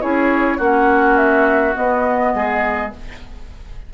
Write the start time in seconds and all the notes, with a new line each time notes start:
0.00 C#4 E4 G#4 C#5
0.57 A#3 C#4 F#4 F#5
1.16 E5
1.74 B3 D#5
2.34 G#3 G#4